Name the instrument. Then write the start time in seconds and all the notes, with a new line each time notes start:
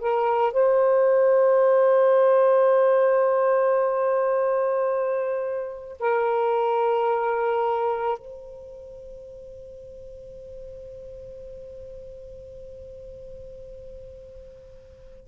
saxophone
0.00 A#4
0.52 C5
6.00 A#4
8.18 C5